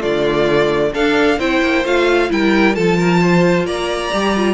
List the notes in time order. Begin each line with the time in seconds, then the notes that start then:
0.00 D3 A3 F4 D5
0.93 D4 A4 F5
1.39 C4 E4 C5 G5
1.62 A#3
1.85 A3 F4 F5
2.29 G3 E4 A#4 G5
2.74 F3 F4 A4 A5
2.98 A#4
3.21 C5
3.65 A#3 D5 A#5
4.12 G3 G4
4.37 F4